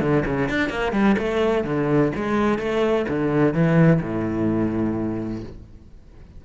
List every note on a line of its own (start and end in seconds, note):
0.00 0.24 D3
0.25 0.49 C#3
0.49 0.69 D4
0.69 0.92 A#3
0.92 1.15 G3
1.18 1.64 A3
1.64 2.11 D3
2.15 2.58 G#3
2.58 3.06 A3
3.08 3.54 D3
3.54 4.01 E3
4.01 5.43 A2